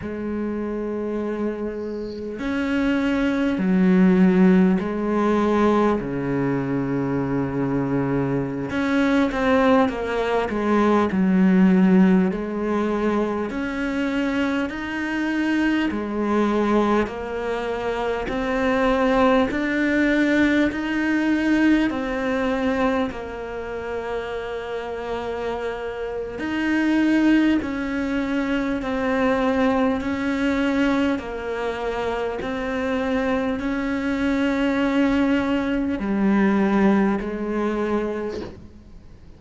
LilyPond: \new Staff \with { instrumentName = "cello" } { \time 4/4 \tempo 4 = 50 gis2 cis'4 fis4 | gis4 cis2~ cis16 cis'8 c'16~ | c'16 ais8 gis8 fis4 gis4 cis'8.~ | cis'16 dis'4 gis4 ais4 c'8.~ |
c'16 d'4 dis'4 c'4 ais8.~ | ais2 dis'4 cis'4 | c'4 cis'4 ais4 c'4 | cis'2 g4 gis4 | }